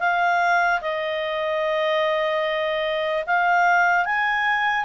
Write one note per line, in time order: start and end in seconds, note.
0.00 0.81 F5
0.82 3.25 D#5
3.27 4.05 F5
4.05 4.85 G#5